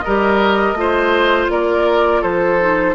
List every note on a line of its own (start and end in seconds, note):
0.00 0.78 A#4
0.00 1.46 D#5
0.06 0.74 G3
0.06 0.76 G4
0.74 1.47 A3
0.74 2.59 F4
0.80 1.52 C5
1.50 2.23 A#3
1.50 2.22 A#4
1.50 2.23 D5
2.22 2.96 F3
2.22 2.95 A4
2.22 2.96 C5
2.61 2.96 D#4